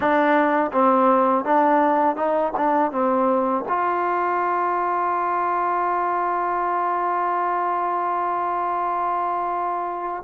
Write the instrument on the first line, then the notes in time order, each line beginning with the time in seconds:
trombone
0.00 D4
0.72 C4
1.45 D4
2.16 D#4
2.56 D4
2.91 C4
3.68 F4